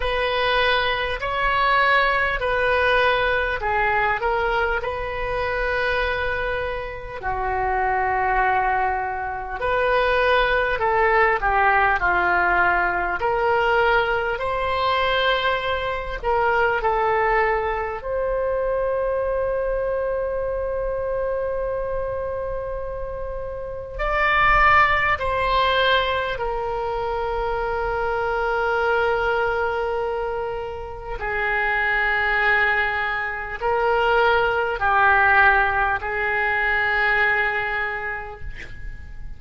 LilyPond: \new Staff \with { instrumentName = "oboe" } { \time 4/4 \tempo 4 = 50 b'4 cis''4 b'4 gis'8 ais'8 | b'2 fis'2 | b'4 a'8 g'8 f'4 ais'4 | c''4. ais'8 a'4 c''4~ |
c''1 | d''4 c''4 ais'2~ | ais'2 gis'2 | ais'4 g'4 gis'2 | }